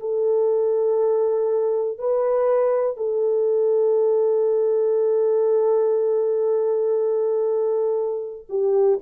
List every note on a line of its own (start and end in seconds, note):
0.00 1.99 A4
1.99 2.97 B4
2.97 8.47 A4
8.50 9.00 G4